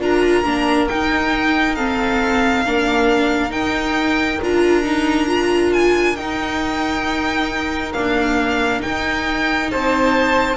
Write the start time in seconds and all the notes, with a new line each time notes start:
0.00 D4 F4 A#4 A#5
0.44 A#3 D4
0.88 D#4 G5
1.75 C4 A4 F5
2.65 A#3 D4 A#4
3.49 D#4 G5
4.41 D4 F4 A#5
4.83 D#4
5.26 F4
5.73 G#5
6.16 D#4 G5
7.93 A#3 D4 F5
8.79 D#4 G5
9.70 C4 C5 A5